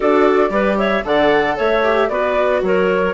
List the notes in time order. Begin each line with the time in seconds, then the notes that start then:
0.00 D4 F#4 A4 D5
0.49 G3 G4 B4
0.78 C#5 E5
1.04 D3 A4 D5 F#5
1.56 A3 C#5 E5
1.83 G4
2.08 B3 F#4 B4 D5
2.62 F#3 A#4 C#5